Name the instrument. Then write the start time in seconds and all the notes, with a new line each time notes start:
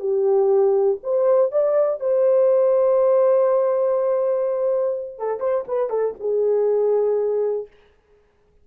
horn
0.00 G4
1.03 C5
1.52 D5
2.00 C5
5.19 A4
5.40 C5
5.68 B4
5.90 A4
6.20 G#4